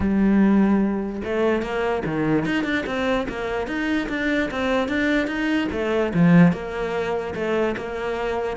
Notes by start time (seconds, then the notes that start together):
0.00 G3
1.24 A3
1.62 A#3
2.05 D#3
2.45 D#4
2.63 D4
2.86 C4
3.29 A#3
3.67 D#4
4.09 D4
4.50 C4
4.88 D4
5.27 D#4
5.71 A3
6.14 F3
6.52 A#3
7.35 A3
7.77 A#3